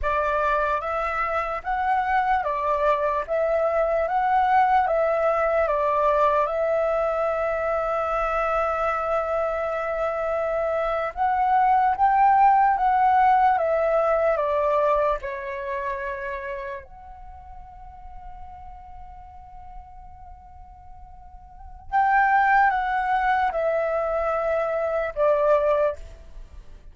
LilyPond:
\new Staff \with { instrumentName = "flute" } { \time 4/4 \tempo 4 = 74 d''4 e''4 fis''4 d''4 | e''4 fis''4 e''4 d''4 | e''1~ | e''4.~ e''16 fis''4 g''4 fis''16~ |
fis''8. e''4 d''4 cis''4~ cis''16~ | cis''8. fis''2.~ fis''16~ | fis''2. g''4 | fis''4 e''2 d''4 | }